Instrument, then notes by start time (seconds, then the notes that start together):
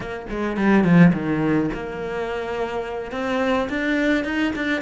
cello
0.00 A#3
0.29 G#3
0.56 G3
0.84 F3
1.13 D#3
1.73 A#3
3.11 C4
3.69 D4
4.24 D#4
4.55 D4